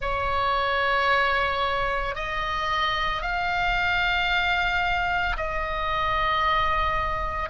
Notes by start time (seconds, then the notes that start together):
0.01 C#5
2.15 D#5
3.21 F5
5.36 D#5